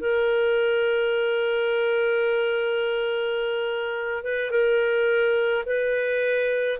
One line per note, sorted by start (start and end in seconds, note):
0.00 4.24 A#4
4.24 4.51 B4
4.51 5.64 A#4
5.66 6.79 B4